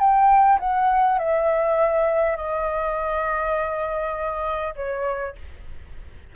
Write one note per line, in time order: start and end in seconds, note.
0.00 0.59 G5
0.60 1.19 F#5
1.19 2.37 E5
2.37 4.74 D#5
4.76 5.36 C#5